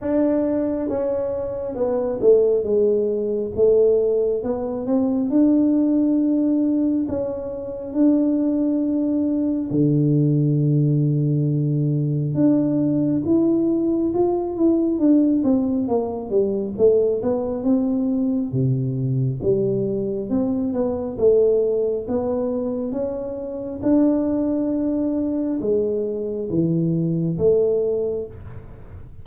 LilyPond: \new Staff \with { instrumentName = "tuba" } { \time 4/4 \tempo 4 = 68 d'4 cis'4 b8 a8 gis4 | a4 b8 c'8 d'2 | cis'4 d'2 d4~ | d2 d'4 e'4 |
f'8 e'8 d'8 c'8 ais8 g8 a8 b8 | c'4 c4 g4 c'8 b8 | a4 b4 cis'4 d'4~ | d'4 gis4 e4 a4 | }